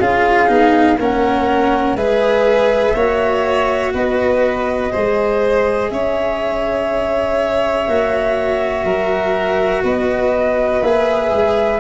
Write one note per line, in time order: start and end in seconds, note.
0.00 0.49 C#4
0.00 0.47 F4
0.00 0.98 G#4
0.00 0.99 F5
0.47 0.98 B3
0.47 0.97 D#4
0.98 1.95 A#3
0.98 1.98 C#4
0.98 1.97 A#4
0.98 1.96 F#5
1.95 2.94 G#3
1.95 2.96 G#4
1.95 2.95 B4
1.95 3.93 E5
2.95 3.93 A#3
2.95 4.92 F#4
2.95 3.93 C#5
3.94 4.92 B3
3.94 4.92 B4
3.94 5.90 D#5
4.92 5.91 G#3
4.92 7.87 G#4
4.92 5.91 C5
5.90 7.88 C#4
5.90 8.85 C#5
5.90 9.84 E5
7.87 8.84 A#3
7.87 10.82 F#4
8.84 9.83 F#3
8.84 9.83 A#4
9.84 10.82 B3
9.84 11.80 B4
9.84 10.83 D#5
10.82 11.31 A#3
10.82 11.80 G#4
10.82 11.80 E5
11.32 11.80 G#3